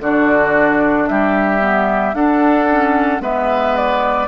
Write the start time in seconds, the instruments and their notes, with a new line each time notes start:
0.00 bassoon D3, clarinet D4, oboe F#4, flute D5
1.08 bassoon G3, oboe G4, flute E5
1.61 clarinet B3
2.14 bassoon D4, clarinet D4, oboe A4, flute F#5
2.70 clarinet C#4
3.21 bassoon G#3, clarinet B3, oboe B4, flute E5
3.77 flute D5